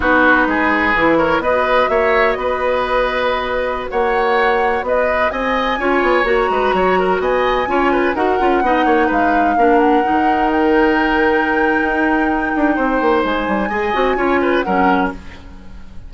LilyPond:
<<
  \new Staff \with { instrumentName = "flute" } { \time 4/4 \tempo 4 = 127 b'2~ b'8 cis''8 dis''4 | e''4 dis''2.~ | dis''16 fis''2 dis''4 gis''8.~ | gis''4~ gis''16 ais''2 gis''8.~ |
gis''4~ gis''16 fis''2 f''8.~ | f''8. fis''4. g''4.~ g''16~ | g''1 | gis''2. fis''4 | }
  \new Staff \with { instrumentName = "oboe" } { \time 4/4 fis'4 gis'4. ais'8 b'4 | cis''4 b'2.~ | b'16 cis''2 b'4 dis''8.~ | dis''16 cis''4. b'8 cis''8 ais'8 dis''8.~ |
dis''16 cis''8 b'8 ais'4 dis''8 cis''8 b'8.~ | b'16 ais'2.~ ais'8.~ | ais'2. c''4~ | c''4 dis''4 cis''8 b'8 ais'4 | }
  \new Staff \with { instrumentName = "clarinet" } { \time 4/4 dis'2 e'4 fis'4~ | fis'1~ | fis'1~ | fis'16 f'4 fis'2~ fis'8.~ |
fis'16 f'4 fis'8 f'8 dis'4.~ dis'16~ | dis'16 d'4 dis'2~ dis'8.~ | dis'1~ | dis'4 gis'8 fis'8 f'4 cis'4 | }
  \new Staff \with { instrumentName = "bassoon" } { \time 4/4 b4 gis4 e4 b4 | ais4 b2.~ | b16 ais2 b4 c'8.~ | c'16 cis'8 b8 ais8 gis8 fis4 b8.~ |
b16 cis'4 dis'8 cis'8 b8 ais8 gis8.~ | gis16 ais4 dis2~ dis8.~ | dis4 dis'4. d'8 c'8 ais8 | gis8 g8 gis8 c'8 cis'4 fis4 | }
>>